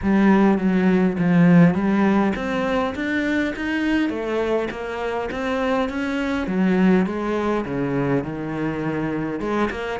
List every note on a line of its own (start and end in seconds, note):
0.02 0.57 G3
0.57 1.16 F#3
1.18 1.74 F3
1.74 2.33 G3
2.35 2.94 C4
2.95 3.53 D4
3.56 4.09 D#4
4.09 4.68 A3
4.71 5.29 A#3
5.31 5.89 C4
5.89 6.47 C#4
6.47 7.06 F#3
7.06 7.64 G#3
7.65 8.24 C#3
8.24 9.40 D#3
9.40 9.69 G#3
9.70 9.99 A#3